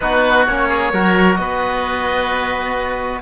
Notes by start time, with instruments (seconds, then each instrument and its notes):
0.00 cello B3, trombone D#4, oboe F#4 B4
0.46 cello A#3, trombone C#4, oboe C#5
0.68 oboe G#4
0.92 cello F#3, trombone F#4, oboe A#4
1.35 cello B3, oboe B4 D#5